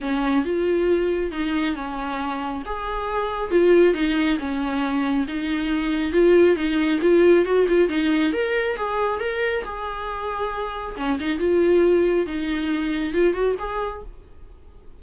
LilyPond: \new Staff \with { instrumentName = "viola" } { \time 4/4 \tempo 4 = 137 cis'4 f'2 dis'4 | cis'2 gis'2 | f'4 dis'4 cis'2 | dis'2 f'4 dis'4 |
f'4 fis'8 f'8 dis'4 ais'4 | gis'4 ais'4 gis'2~ | gis'4 cis'8 dis'8 f'2 | dis'2 f'8 fis'8 gis'4 | }